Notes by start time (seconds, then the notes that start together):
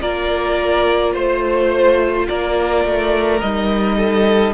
0.00 A#3 F4 A#4 D5
1.13 A3 C5
2.28 A#3 A#4 D5
2.84 A3
3.41 G3 D#4 D#5
3.97 A4